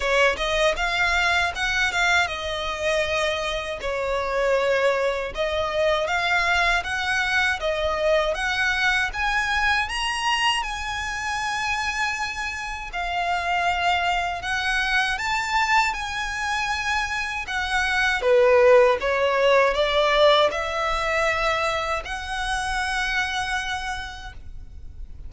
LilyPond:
\new Staff \with { instrumentName = "violin" } { \time 4/4 \tempo 4 = 79 cis''8 dis''8 f''4 fis''8 f''8 dis''4~ | dis''4 cis''2 dis''4 | f''4 fis''4 dis''4 fis''4 | gis''4 ais''4 gis''2~ |
gis''4 f''2 fis''4 | a''4 gis''2 fis''4 | b'4 cis''4 d''4 e''4~ | e''4 fis''2. | }